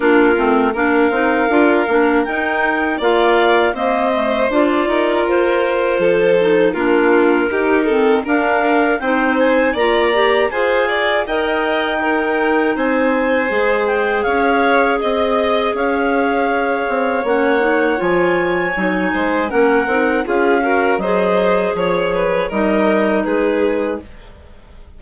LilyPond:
<<
  \new Staff \with { instrumentName = "clarinet" } { \time 4/4 \tempo 4 = 80 ais'4 f''2 g''4 | f''4 dis''4 d''4 c''4~ | c''4 ais'2 f''4 | g''8 gis''8 ais''4 gis''4 g''4~ |
g''4 gis''4. g''8 f''4 | dis''4 f''2 fis''4 | gis''2 fis''4 f''4 | dis''4 cis''4 dis''4 b'4 | }
  \new Staff \with { instrumentName = "violin" } { \time 4/4 f'4 ais'2. | d''4 c''4. ais'4. | a'4 f'4 g'8 a'8 ais'4 | c''4 d''4 c''8 d''8 dis''4 |
ais'4 c''2 cis''4 | dis''4 cis''2.~ | cis''4. c''8 ais'4 gis'8 ais'8 | c''4 cis''8 b'8 ais'4 gis'4 | }
  \new Staff \with { instrumentName = "clarinet" } { \time 4/4 d'8 c'8 d'8 dis'8 f'8 d'8 dis'4 | f'4 ais8 a8 f'2~ | f'8 dis'8 d'4 dis'8 c'8 d'4 | dis'4 f'8 g'8 gis'4 ais'4 |
dis'2 gis'2~ | gis'2. cis'8 dis'8 | f'4 dis'4 cis'8 dis'8 f'8 fis'8 | gis'2 dis'2 | }
  \new Staff \with { instrumentName = "bassoon" } { \time 4/4 ais8 a8 ais8 c'8 d'8 ais8 dis'4 | ais4 c'4 d'8 dis'8 f'4 | f4 ais4 dis'4 d'4 | c'4 ais4 f'4 dis'4~ |
dis'4 c'4 gis4 cis'4 | c'4 cis'4. c'8 ais4 | f4 fis8 gis8 ais8 c'8 cis'4 | fis4 f4 g4 gis4 | }
>>